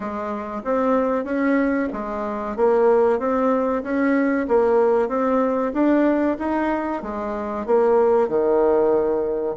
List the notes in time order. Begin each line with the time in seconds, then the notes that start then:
0.00 G#3
0.64 C4
1.24 C#4
1.93 G#3
2.56 A#3
3.19 C4
3.83 C#4
4.48 A#3
5.08 C4
5.73 D4
6.39 D#4
7.02 G#3
7.66 A#3
8.28 D#3